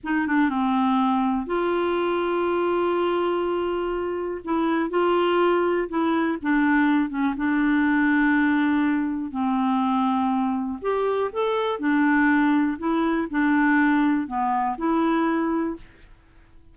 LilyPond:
\new Staff \with { instrumentName = "clarinet" } { \time 4/4 \tempo 4 = 122 dis'8 d'8 c'2 f'4~ | f'1~ | f'4 e'4 f'2 | e'4 d'4. cis'8 d'4~ |
d'2. c'4~ | c'2 g'4 a'4 | d'2 e'4 d'4~ | d'4 b4 e'2 | }